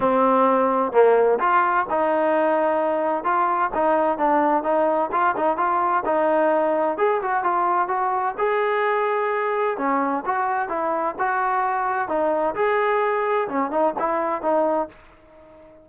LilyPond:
\new Staff \with { instrumentName = "trombone" } { \time 4/4 \tempo 4 = 129 c'2 ais4 f'4 | dis'2. f'4 | dis'4 d'4 dis'4 f'8 dis'8 | f'4 dis'2 gis'8 fis'8 |
f'4 fis'4 gis'2~ | gis'4 cis'4 fis'4 e'4 | fis'2 dis'4 gis'4~ | gis'4 cis'8 dis'8 e'4 dis'4 | }